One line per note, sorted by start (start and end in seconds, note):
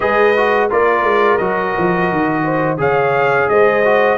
0.00 0.71 G#3
0.00 0.33 G#4
0.00 0.69 B4
0.00 0.69 D#5
0.36 0.70 F#4
0.69 1.03 A#3
0.69 1.39 F4
0.69 2.43 A#4
0.69 1.37 D5
1.03 1.38 G#3
1.37 1.75 F#3
1.37 2.77 F#4
1.37 2.77 D#5
1.77 2.11 F3
2.11 2.78 D#3
2.43 2.78 C5
2.77 3.48 C#3
2.77 3.82 G#4
2.77 3.50 C#5
2.77 3.49 F5
3.49 4.18 G#3
3.49 4.18 C5
3.49 4.18 D#5
3.84 4.18 F#4